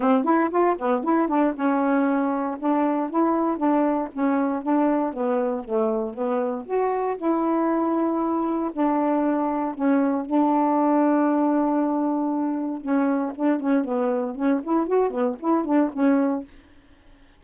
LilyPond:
\new Staff \with { instrumentName = "saxophone" } { \time 4/4 \tempo 4 = 117 c'8 e'8 f'8 b8 e'8 d'8 cis'4~ | cis'4 d'4 e'4 d'4 | cis'4 d'4 b4 a4 | b4 fis'4 e'2~ |
e'4 d'2 cis'4 | d'1~ | d'4 cis'4 d'8 cis'8 b4 | cis'8 e'8 fis'8 b8 e'8 d'8 cis'4 | }